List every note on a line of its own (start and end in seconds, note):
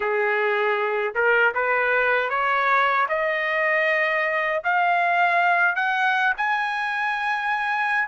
0.00 1.14 G#4
1.14 1.53 A#4
1.54 2.29 B4
2.29 3.06 C#5
3.08 4.62 D#5
4.64 5.75 F5
5.75 6.33 F#5
6.37 8.08 G#5